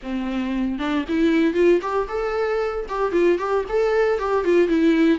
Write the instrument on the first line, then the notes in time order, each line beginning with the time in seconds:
viola
0.02 C4
0.78 D4
1.08 E4
1.54 F4
1.81 G4
2.08 A4
2.88 G4
3.12 F4
3.38 G4
3.68 A4
4.18 G4
4.44 F4
4.68 E4